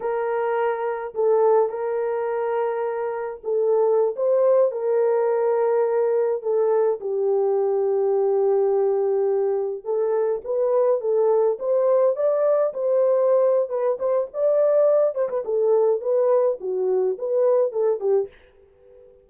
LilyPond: \new Staff \with { instrumentName = "horn" } { \time 4/4 \tempo 4 = 105 ais'2 a'4 ais'4~ | ais'2 a'4~ a'16 c''8.~ | c''16 ais'2. a'8.~ | a'16 g'2.~ g'8.~ |
g'4~ g'16 a'4 b'4 a'8.~ | a'16 c''4 d''4 c''4.~ c''16 | b'8 c''8 d''4. c''16 b'16 a'4 | b'4 fis'4 b'4 a'8 g'8 | }